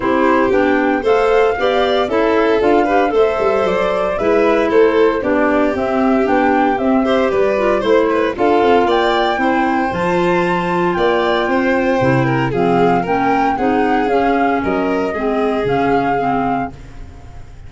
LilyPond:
<<
  \new Staff \with { instrumentName = "flute" } { \time 4/4 \tempo 4 = 115 c''4 g''4 f''2 | e''4 f''4 e''4 d''4 | e''4 c''4 d''4 e''4 | g''4 e''4 d''4 c''4 |
f''4 g''2 a''4~ | a''4 g''2. | f''4 g''4 fis''4 f''4 | dis''2 f''2 | }
  \new Staff \with { instrumentName = "violin" } { \time 4/4 g'2 c''4 d''4 | a'4. b'8 c''2 | b'4 a'4 g'2~ | g'4. c''8 b'4 c''8 b'8 |
a'4 d''4 c''2~ | c''4 d''4 c''4. ais'8 | gis'4 ais'4 gis'2 | ais'4 gis'2. | }
  \new Staff \with { instrumentName = "clarinet" } { \time 4/4 e'4 d'4 a'4 g'4 | e'4 f'8 g'8 a'2 | e'2 d'4 c'4 | d'4 c'8 g'4 f'8 e'4 |
f'2 e'4 f'4~ | f'2. e'4 | c'4 cis'4 dis'4 cis'4~ | cis'4 c'4 cis'4 c'4 | }
  \new Staff \with { instrumentName = "tuba" } { \time 4/4 c'4 b4 a4 b4 | cis'4 d'4 a8 g8 fis4 | gis4 a4 b4 c'4 | b4 c'4 g4 a4 |
d'8 c'8 ais4 c'4 f4~ | f4 ais4 c'4 c4 | f4 ais4 c'4 cis'4 | fis4 gis4 cis2 | }
>>